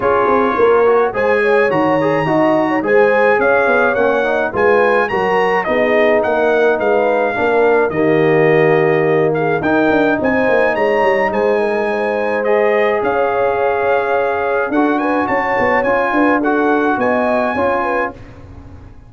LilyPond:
<<
  \new Staff \with { instrumentName = "trumpet" } { \time 4/4 \tempo 4 = 106 cis''2 gis''4 ais''4~ | ais''4 gis''4 f''4 fis''4 | gis''4 ais''4 dis''4 fis''4 | f''2 dis''2~ |
dis''8 f''8 g''4 gis''4 ais''4 | gis''2 dis''4 f''4~ | f''2 fis''8 gis''8 a''4 | gis''4 fis''4 gis''2 | }
  \new Staff \with { instrumentName = "horn" } { \time 4/4 gis'4 ais'4 c''8 cis''4. | dis''8. cis''16 c''4 cis''2 | b'4 ais'4 gis'4 ais'4 | b'4 ais'4 g'2~ |
g'8 gis'8 ais'4 c''4 cis''4 | c''8 ais'8 c''2 cis''4~ | cis''2 a'8 b'8 cis''4~ | cis''8 b'8 a'4 dis''4 cis''8 b'8 | }
  \new Staff \with { instrumentName = "trombone" } { \time 4/4 f'4. fis'8 gis'4 fis'8 gis'8 | fis'4 gis'2 cis'8 dis'8 | f'4 fis'4 dis'2~ | dis'4 d'4 ais2~ |
ais4 dis'2.~ | dis'2 gis'2~ | gis'2 fis'2 | f'4 fis'2 f'4 | }
  \new Staff \with { instrumentName = "tuba" } { \time 4/4 cis'8 c'8 ais4 gis4 dis4 | dis'4 gis4 cis'8 b8 ais4 | gis4 fis4 b4 ais4 | gis4 ais4 dis2~ |
dis4 dis'8 d'8 c'8 ais8 gis8 g8 | gis2. cis'4~ | cis'2 d'4 cis'8 b8 | cis'8 d'4. b4 cis'4 | }
>>